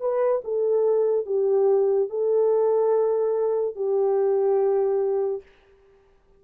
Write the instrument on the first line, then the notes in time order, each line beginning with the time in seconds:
horn
0.00 B4
0.44 A4
1.26 G4
2.09 A4
3.75 G4